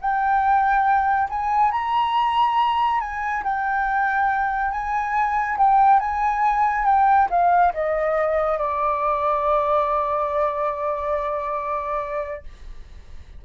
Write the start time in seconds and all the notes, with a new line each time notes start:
0.00 G5
1.29 G#5
1.72 A#5
3.00 G#5
3.44 G5
4.71 G#5
5.58 G5
6.00 G#5
6.85 G5
7.30 F5
7.74 D#5
8.58 D5